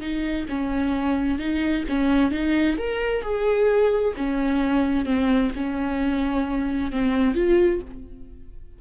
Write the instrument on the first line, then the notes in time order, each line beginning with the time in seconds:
viola
0.00 D#4
0.49 C#4
1.39 D#4
1.89 C#4
2.31 D#4
2.77 A#4
3.22 G#4
4.17 C#4
5.05 C4
5.55 C#4
6.92 C4
7.34 F4